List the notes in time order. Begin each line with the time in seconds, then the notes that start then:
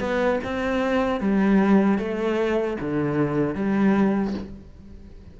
0.00 B3
0.44 C4
1.20 G3
1.98 A3
2.80 D3
3.55 G3